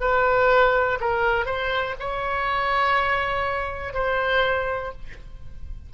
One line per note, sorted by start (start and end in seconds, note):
0.00 0.98 B4
1.00 1.45 A#4
1.45 1.94 C5
1.99 3.93 C#5
3.93 4.92 C5